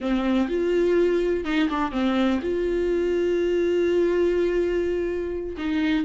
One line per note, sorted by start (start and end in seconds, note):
0.00 0.48 C4
0.48 1.44 F4
1.44 1.68 D#4
1.69 1.91 D4
1.91 2.40 C4
2.41 5.56 F4
5.57 6.05 D#4